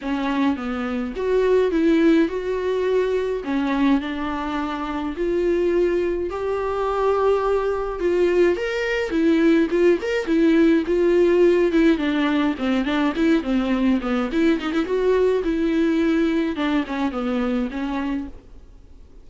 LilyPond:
\new Staff \with { instrumentName = "viola" } { \time 4/4 \tempo 4 = 105 cis'4 b4 fis'4 e'4 | fis'2 cis'4 d'4~ | d'4 f'2 g'4~ | g'2 f'4 ais'4 |
e'4 f'8 ais'8 e'4 f'4~ | f'8 e'8 d'4 c'8 d'8 e'8 c'8~ | c'8 b8 e'8 dis'16 e'16 fis'4 e'4~ | e'4 d'8 cis'8 b4 cis'4 | }